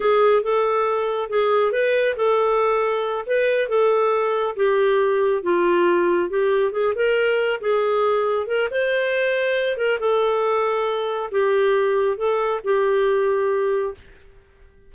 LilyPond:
\new Staff \with { instrumentName = "clarinet" } { \time 4/4 \tempo 4 = 138 gis'4 a'2 gis'4 | b'4 a'2~ a'8 b'8~ | b'8 a'2 g'4.~ | g'8 f'2 g'4 gis'8 |
ais'4. gis'2 ais'8 | c''2~ c''8 ais'8 a'4~ | a'2 g'2 | a'4 g'2. | }